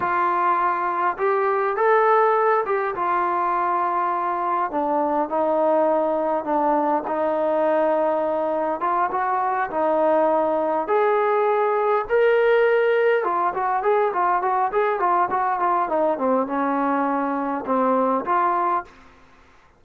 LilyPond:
\new Staff \with { instrumentName = "trombone" } { \time 4/4 \tempo 4 = 102 f'2 g'4 a'4~ | a'8 g'8 f'2. | d'4 dis'2 d'4 | dis'2. f'8 fis'8~ |
fis'8 dis'2 gis'4.~ | gis'8 ais'2 f'8 fis'8 gis'8 | f'8 fis'8 gis'8 f'8 fis'8 f'8 dis'8 c'8 | cis'2 c'4 f'4 | }